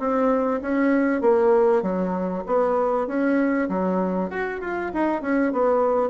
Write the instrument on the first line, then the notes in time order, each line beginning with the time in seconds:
bassoon
0.00 C4
0.62 C#4
1.22 A#3
1.83 F#3
2.47 B3
3.08 C#4
3.69 F#3
4.31 F#4
4.61 F4
4.94 D#4
5.22 C#4
5.53 B3